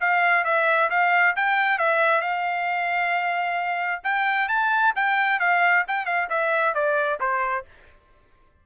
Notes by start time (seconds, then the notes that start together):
0.00 F5
0.44 E5
0.90 F5
1.36 G5
1.78 E5
2.21 F5
4.03 G5
4.48 A5
4.95 G5
5.39 F5
5.87 G5
6.05 F5
6.29 E5
6.74 D5
7.20 C5